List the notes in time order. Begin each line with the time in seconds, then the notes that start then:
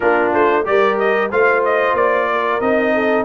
0.00 A#3 D4 F4 A#4
0.33 A3 C5
0.64 G3 G4 A#4 D5
0.98 D#5
1.31 A3 F4 C5 F5
1.64 D#5
1.93 A#3 D5
2.32 A#4
2.60 C4 D#4 D#5
2.94 A4